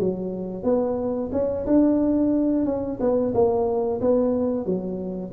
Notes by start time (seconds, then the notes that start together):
0.00 F#3
0.64 B3
1.32 C#4
1.66 D4
2.66 C#4
3.00 B3
3.34 A#3
4.01 B3
4.66 F#3